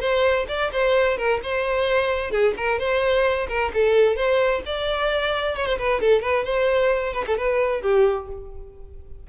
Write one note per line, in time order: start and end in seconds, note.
0.00 0.46 C5
0.48 0.71 D5
0.72 1.17 C5
1.17 1.40 A#4
1.43 2.31 C5
2.31 2.54 G#4
2.57 2.79 A#4
2.79 3.47 C5
3.48 3.71 A#4
3.74 4.16 A4
4.16 4.62 C5
4.66 5.56 D5
5.56 5.66 C#5
5.66 5.77 C5
5.78 6.00 B4
6.00 6.21 A4
6.21 6.44 B4
6.45 7.13 C5
7.13 7.24 B4
7.27 7.37 A4
7.37 7.81 B4
7.81 8.27 G4